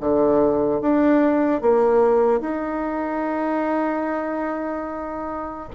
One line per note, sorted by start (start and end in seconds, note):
0.00 0.81 D3
0.81 1.61 D4
1.61 2.40 A#3
2.40 5.69 D#4